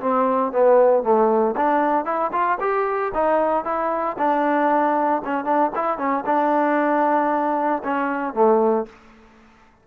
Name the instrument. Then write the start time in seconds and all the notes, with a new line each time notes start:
trombone
0.00 C4
0.52 B3
1.03 A3
1.57 D4
2.05 E4
2.32 F4
2.60 G4
3.14 D#4
3.64 E4
4.18 D4
5.24 C#4
5.45 D4
5.75 E4
5.98 C#4
6.26 D4
7.84 C#4
8.33 A3